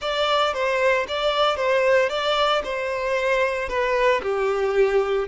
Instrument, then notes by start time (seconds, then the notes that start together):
violin
0.01 D5
0.53 C5
1.08 D5
1.56 C5
2.09 D5
2.63 C5
3.68 B4
4.22 G4